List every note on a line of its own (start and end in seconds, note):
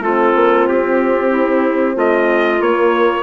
0.00 0.32 A3
0.00 2.61 C4
0.00 1.31 F4
0.00 0.68 A4
0.36 0.68 A#3
0.69 1.97 C4
0.69 1.98 G4
1.31 1.95 E4
1.95 2.60 A3
1.95 3.23 F4
1.95 2.62 D#5
2.60 3.23 A#3
2.60 3.23 C#5